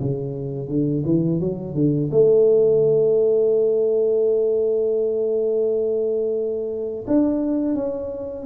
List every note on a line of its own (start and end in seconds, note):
0.00 0.68 C#3
0.68 1.03 D3
1.05 1.40 E3
1.40 1.75 F#3
1.75 2.10 D3
2.11 7.06 A3
7.07 7.75 D4
7.75 8.46 C#4